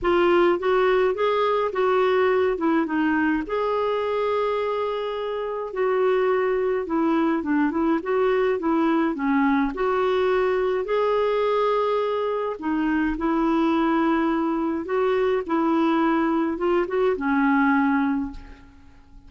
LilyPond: \new Staff \with { instrumentName = "clarinet" } { \time 4/4 \tempo 4 = 105 f'4 fis'4 gis'4 fis'4~ | fis'8 e'8 dis'4 gis'2~ | gis'2 fis'2 | e'4 d'8 e'8 fis'4 e'4 |
cis'4 fis'2 gis'4~ | gis'2 dis'4 e'4~ | e'2 fis'4 e'4~ | e'4 f'8 fis'8 cis'2 | }